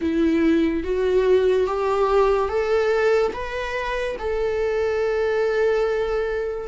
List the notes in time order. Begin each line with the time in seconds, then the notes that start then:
0.01 E4
0.83 F#4
1.66 G4
2.48 A4
3.33 B4
4.18 A4